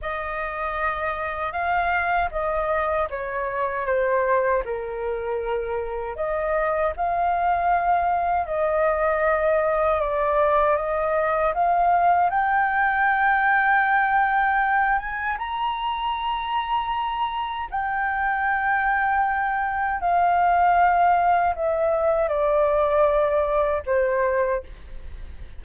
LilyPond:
\new Staff \with { instrumentName = "flute" } { \time 4/4 \tempo 4 = 78 dis''2 f''4 dis''4 | cis''4 c''4 ais'2 | dis''4 f''2 dis''4~ | dis''4 d''4 dis''4 f''4 |
g''2.~ g''8 gis''8 | ais''2. g''4~ | g''2 f''2 | e''4 d''2 c''4 | }